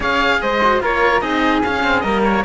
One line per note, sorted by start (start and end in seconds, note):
0.00 0.41 C#4
0.00 0.61 G#4
0.00 0.38 C#5
0.00 0.41 F5
0.41 0.82 G#3
0.41 0.81 C5
0.41 0.81 D#5
0.63 0.80 F#4
0.80 1.21 A#3
0.80 1.21 F4
0.80 1.22 A#4
0.80 1.21 C#5
1.21 1.62 C4
1.21 1.62 D#4
1.21 2.03 G#4
1.21 1.61 D#5
1.63 2.03 C#4
1.63 1.83 C#4
1.63 2.00 F5
1.83 2.03 C4
2.00 2.44 G3
2.00 2.44 A#3
2.00 2.44 A#4
2.00 2.20 D#5
2.24 2.44 C#5